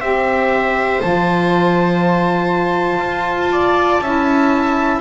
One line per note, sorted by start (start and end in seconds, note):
0.00 1.01 C4
0.00 1.02 G4
0.00 3.50 C5
0.00 1.00 E5
1.01 2.99 F3
1.01 4.02 F4
1.01 5.01 A5
2.99 3.99 F4
3.52 4.02 D5
4.00 5.00 C#4
4.00 5.01 E4
4.00 5.01 E5